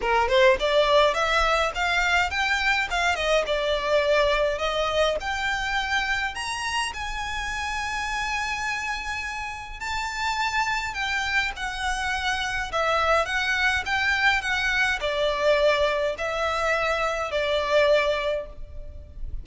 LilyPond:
\new Staff \with { instrumentName = "violin" } { \time 4/4 \tempo 4 = 104 ais'8 c''8 d''4 e''4 f''4 | g''4 f''8 dis''8 d''2 | dis''4 g''2 ais''4 | gis''1~ |
gis''4 a''2 g''4 | fis''2 e''4 fis''4 | g''4 fis''4 d''2 | e''2 d''2 | }